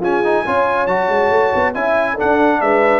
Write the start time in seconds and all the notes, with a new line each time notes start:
0.00 C#4 F4 G#4 G#5
0.23 D#4
0.46 C#4 F4 C#5
0.86 F#3 F#4 A5
1.08 G#3
1.30 A3
1.55 B3
1.74 C#4 E4 E5 G#5
2.14 D4 A4 F#5
2.22 D4
2.61 G#3 B4 E5